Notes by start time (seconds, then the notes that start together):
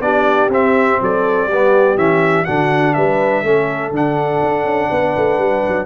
0.00 B3 D4 G4 D5
0.48 C4 E5
1.01 F#3 A4 D5
1.46 G3 B3 G4
1.97 E3 C#4 E5
2.45 D3 D4 F#4 F#5
2.93 G3 B4 E5
3.43 A3 C#4 A4
3.91 D3 D4 F#5
4.42 D4
4.64 C#4
4.90 B3 B4
5.17 A3
5.38 G3
5.68 F#3